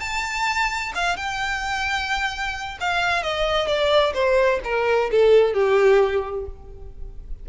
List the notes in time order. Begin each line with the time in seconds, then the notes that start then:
0.00 A5
0.95 F5
1.17 G5
2.80 F5
3.23 D#5
3.67 D5
4.14 C5
4.64 A#4
5.11 A4
5.54 G4